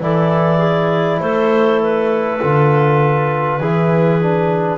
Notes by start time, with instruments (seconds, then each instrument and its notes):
0.00 double bass E3, trombone E4, clarinet A4 D5
0.58 clarinet G#4
1.20 double bass A3, clarinet A4 C5
1.82 clarinet B4
2.41 double bass D3, trombone F4
3.59 double bass E3, trombone E4, clarinet G#4
4.21 trombone D4